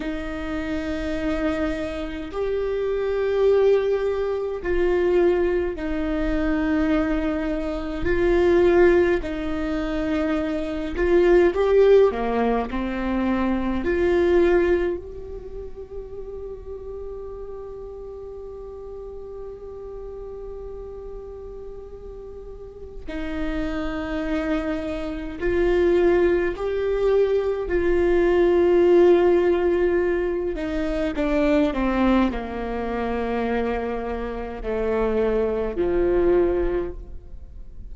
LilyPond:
\new Staff \with { instrumentName = "viola" } { \time 4/4 \tempo 4 = 52 dis'2 g'2 | f'4 dis'2 f'4 | dis'4. f'8 g'8 ais8 c'4 | f'4 g'2.~ |
g'1 | dis'2 f'4 g'4 | f'2~ f'8 dis'8 d'8 c'8 | ais2 a4 f4 | }